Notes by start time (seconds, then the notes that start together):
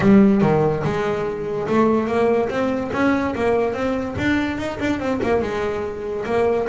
0.00 G3
0.41 D#3
0.83 G#3
1.67 A3
2.07 A#3
2.49 C4
2.92 C#4
3.35 A#3
3.73 C4
4.17 D4
4.58 D#4
4.79 D4
4.99 C4
5.22 A#3
5.41 G#3
6.25 A#3